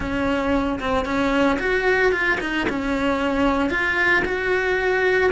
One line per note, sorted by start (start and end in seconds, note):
0.00 0.79 C#4
0.80 1.05 C4
1.05 1.58 C#4
1.59 2.12 F#4
2.12 2.38 F4
2.40 2.67 D#4
2.69 3.70 C#4
3.70 4.23 F4
4.24 5.30 F#4